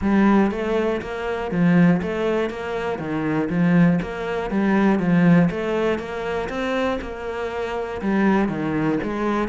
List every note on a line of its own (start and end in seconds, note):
0.01 0.51 G3
0.51 1.01 A3
1.01 1.51 A#3
1.51 2.01 F3
2.01 2.50 A3
2.50 2.98 A#3
2.98 3.48 D#3
3.49 3.99 F3
4.02 4.50 A#3
4.50 4.99 G3
4.99 5.49 F3
5.50 5.98 A3
5.98 6.48 A#3
6.49 6.99 C4
7.01 8.01 A#3
8.01 8.48 G3
8.48 8.98 D#3
9.03 9.48 G#3